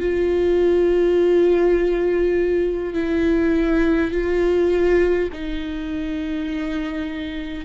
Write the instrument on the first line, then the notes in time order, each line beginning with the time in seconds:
viola
0.00 F4
2.94 E4
4.12 F4
5.33 D#4